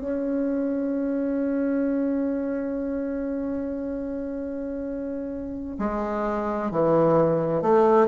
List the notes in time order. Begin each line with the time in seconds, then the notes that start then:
0.00 C#4
5.79 G#3
6.71 E3
7.62 A3